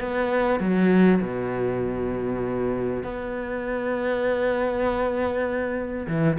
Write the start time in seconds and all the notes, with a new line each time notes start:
0.00 B3
0.60 F#3
1.21 B2
3.04 B3
6.08 E3